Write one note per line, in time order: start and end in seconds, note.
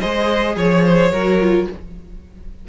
0.00 0.56 G#3
0.00 1.12 G#4
0.00 0.56 C5
0.00 0.56 D#5
0.56 1.11 F3
0.56 1.68 C#5
0.56 0.84 C#5
0.84 1.12 C5
1.11 1.67 F#3
1.11 1.41 F#4
1.11 1.68 A#4
1.41 1.68 F4